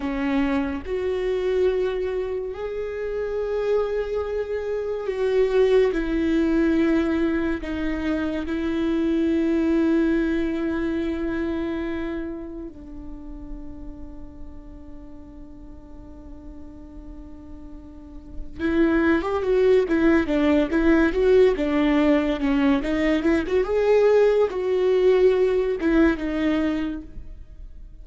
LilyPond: \new Staff \with { instrumentName = "viola" } { \time 4/4 \tempo 4 = 71 cis'4 fis'2 gis'4~ | gis'2 fis'4 e'4~ | e'4 dis'4 e'2~ | e'2. d'4~ |
d'1~ | d'2 e'8. g'16 fis'8 e'8 | d'8 e'8 fis'8 d'4 cis'8 dis'8 e'16 fis'16 | gis'4 fis'4. e'8 dis'4 | }